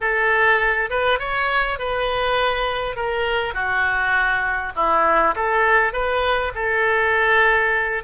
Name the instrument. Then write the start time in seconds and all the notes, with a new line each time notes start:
oboe
0.00 A4
0.89 B4
1.19 C#5
1.78 B4
2.96 A#4
3.53 F#4
4.75 E4
5.35 A4
5.92 B4
6.54 A4